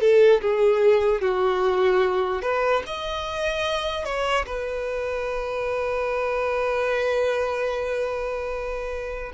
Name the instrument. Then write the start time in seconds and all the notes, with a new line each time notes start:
violin
0.00 A4
0.41 G#4
1.21 F#4
2.42 B4
2.86 D#5
4.05 C#5
4.46 B4